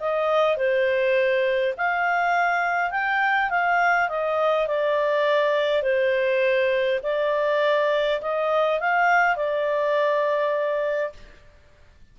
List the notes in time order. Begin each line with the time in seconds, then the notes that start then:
0.00 D#5
0.57 C5
1.77 F5
2.91 G5
3.50 F5
4.09 D#5
4.67 D5
5.82 C5
7.03 D5
8.21 D#5
8.80 F5
9.36 D5